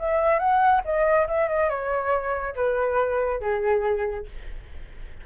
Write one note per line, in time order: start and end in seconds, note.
0.00 0.39 E5
0.39 0.82 F#5
0.85 1.28 D#5
1.28 1.49 E5
1.49 1.70 D#5
1.70 2.55 C#5
2.56 3.41 B4
3.41 4.26 G#4